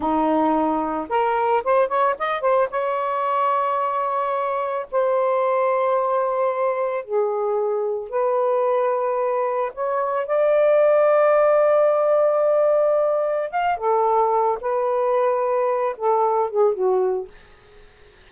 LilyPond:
\new Staff \with { instrumentName = "saxophone" } { \time 4/4 \tempo 4 = 111 dis'2 ais'4 c''8 cis''8 | dis''8 c''8 cis''2.~ | cis''4 c''2.~ | c''4 gis'2 b'4~ |
b'2 cis''4 d''4~ | d''1~ | d''4 f''8 a'4. b'4~ | b'4. a'4 gis'8 fis'4 | }